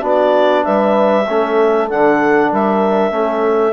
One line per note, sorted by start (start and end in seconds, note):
0.00 0.65 B3
0.00 1.24 D4
0.00 0.64 F#4
0.00 0.65 D5
0.65 1.28 G3
0.65 1.27 B4
0.65 1.88 E5
1.28 1.90 A3
1.28 1.90 C#4
1.28 2.51 A4
1.90 2.52 D3
1.90 3.12 D4
1.90 2.52 F#5
2.52 3.11 G3
2.52 3.14 A#4
2.52 3.73 E5
3.11 3.73 A3
3.11 3.73 C#4
3.11 3.73 A4